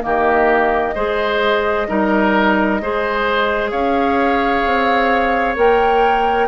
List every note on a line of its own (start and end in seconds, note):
0.00 0.95 D#3
0.00 0.92 A#3
0.00 0.94 G4
0.00 3.70 D#5
0.94 1.87 G#3
0.94 1.88 G#4
0.94 1.87 C5
1.88 2.81 G3
1.88 2.80 D#4
1.88 2.81 A#4
2.81 3.72 G#3
2.81 5.55 G#4
2.81 3.70 C5
3.70 4.64 C#4
3.70 6.47 C#5
3.70 5.55 F5
4.65 5.56 C4
5.55 6.48 A#3
5.55 6.48 A#4
5.55 6.48 G5